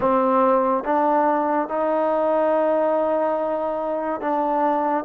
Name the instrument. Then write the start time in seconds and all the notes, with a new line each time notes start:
trombone
0.00 C4
0.83 D4
1.68 D#4
4.20 D4